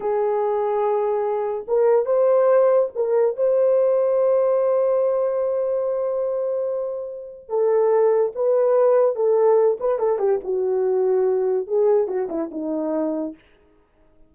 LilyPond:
\new Staff \with { instrumentName = "horn" } { \time 4/4 \tempo 4 = 144 gis'1 | ais'4 c''2 ais'4 | c''1~ | c''1~ |
c''2 a'2 | b'2 a'4. b'8 | a'8 g'8 fis'2. | gis'4 fis'8 e'8 dis'2 | }